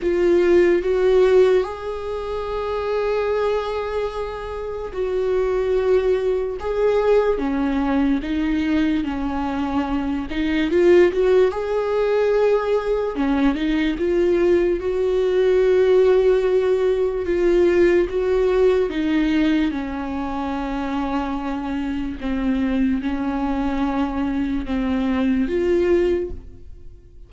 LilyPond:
\new Staff \with { instrumentName = "viola" } { \time 4/4 \tempo 4 = 73 f'4 fis'4 gis'2~ | gis'2 fis'2 | gis'4 cis'4 dis'4 cis'4~ | cis'8 dis'8 f'8 fis'8 gis'2 |
cis'8 dis'8 f'4 fis'2~ | fis'4 f'4 fis'4 dis'4 | cis'2. c'4 | cis'2 c'4 f'4 | }